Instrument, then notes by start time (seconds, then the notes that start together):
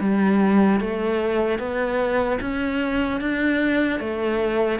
cello
0.00 G3
0.80 A3
1.59 B3
2.41 C#4
3.20 D4
4.00 A3